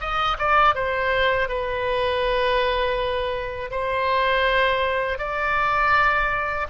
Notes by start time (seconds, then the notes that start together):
0.00 D#5
0.38 D5
0.74 C5
1.48 B4
3.71 C5
5.18 D5